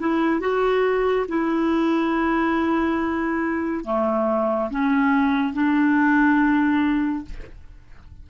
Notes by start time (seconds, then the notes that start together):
0.00 E4
0.41 F#4
1.29 E4
3.85 A3
4.71 C#4
5.54 D4